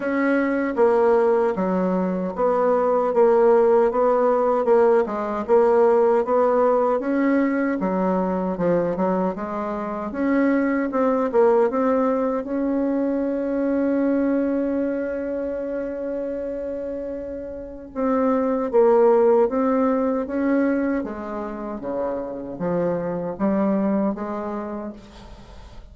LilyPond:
\new Staff \with { instrumentName = "bassoon" } { \time 4/4 \tempo 4 = 77 cis'4 ais4 fis4 b4 | ais4 b4 ais8 gis8 ais4 | b4 cis'4 fis4 f8 fis8 | gis4 cis'4 c'8 ais8 c'4 |
cis'1~ | cis'2. c'4 | ais4 c'4 cis'4 gis4 | cis4 f4 g4 gis4 | }